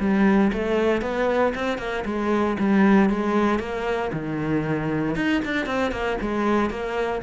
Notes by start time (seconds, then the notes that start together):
0.00 G3
0.53 A3
1.02 B3
1.55 C4
1.78 A#3
2.05 G#3
2.59 G3
3.10 G#3
3.59 A#3
4.13 D#3
5.16 D#4
5.45 D4
5.66 C4
5.92 A#3
6.21 G#3
6.70 A#3